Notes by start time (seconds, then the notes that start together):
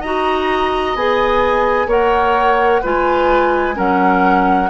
0.00 D#4 F#4 D#5 A#5
0.96 B3 G#4 G#5
1.87 A#3 A#4 C#5 F#5
2.82 G#3 F4 B4 G#5
3.75 F#3 C#4 A#4 F#5